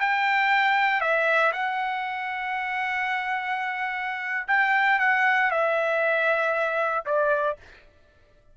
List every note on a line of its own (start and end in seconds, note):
0.00 1.01 G5
1.01 1.52 E5
1.52 4.47 F#5
4.48 4.99 G5
4.99 5.51 F#5
5.51 7.05 E5
7.06 7.57 D5